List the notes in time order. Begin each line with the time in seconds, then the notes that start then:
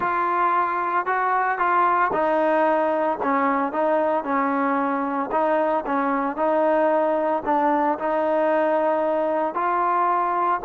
0.00 F4
1.06 F#4
1.58 F4
2.12 D#4
3.22 C#4
3.72 D#4
4.24 C#4
5.31 D#4
5.86 C#4
6.36 D#4
7.45 D4
7.98 D#4
9.54 F4